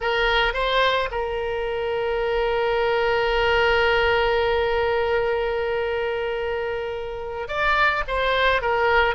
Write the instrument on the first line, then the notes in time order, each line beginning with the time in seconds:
oboe
0.00 A#4
0.53 C5
1.11 A#4
7.48 D5
8.07 C5
8.61 A#4